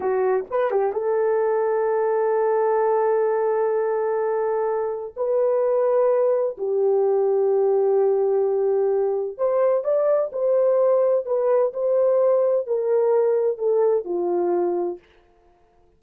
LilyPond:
\new Staff \with { instrumentName = "horn" } { \time 4/4 \tempo 4 = 128 fis'4 b'8 g'8 a'2~ | a'1~ | a'2. b'4~ | b'2 g'2~ |
g'1 | c''4 d''4 c''2 | b'4 c''2 ais'4~ | ais'4 a'4 f'2 | }